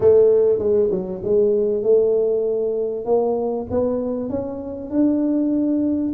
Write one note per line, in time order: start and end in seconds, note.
0.00 0.58 A3
0.58 0.89 G#3
0.90 1.21 F#3
1.24 1.82 G#3
1.82 3.05 A3
3.05 3.66 A#3
3.70 4.29 B3
4.29 4.90 C#4
4.90 6.13 D4